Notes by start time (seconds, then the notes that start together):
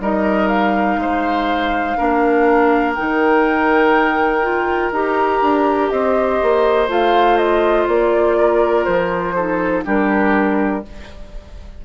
0.00 G3 D#4 A#4 D#5
0.47 F5
0.97 G#3 C5
1.97 A#3 D4 A#4
2.94 D#3 D#4 G5
4.42 F4
4.91 D#4 G4 A#5
5.41 D4
5.89 C4 C5 D#5
6.42 A#3
6.88 A3 F4 F5
7.37 D#5
7.87 A#3 D5
8.37 A#4
8.84 F3 C5
9.34 D#4 A4
9.84 G3 D4 G4 A#4